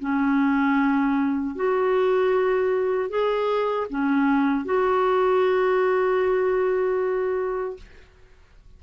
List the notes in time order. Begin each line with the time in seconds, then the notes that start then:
0.00 C#4
1.55 F#4
3.10 G#4
3.90 C#4
4.65 F#4